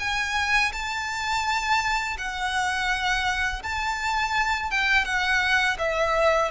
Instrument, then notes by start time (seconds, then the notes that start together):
violin
0.00 G#5
0.73 A5
2.19 F#5
3.63 A5
4.71 G5
5.05 F#5
5.79 E5